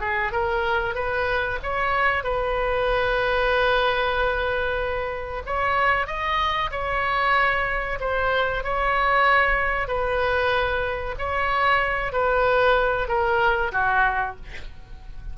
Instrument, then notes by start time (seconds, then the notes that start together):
oboe
0.00 G#4
0.32 A#4
0.95 B4
1.62 C#5
2.23 B4
5.46 C#5
6.07 D#5
6.71 C#5
8.00 C5
8.63 C#5
9.87 B4
11.18 C#5
12.12 B4
13.08 A#4
13.72 F#4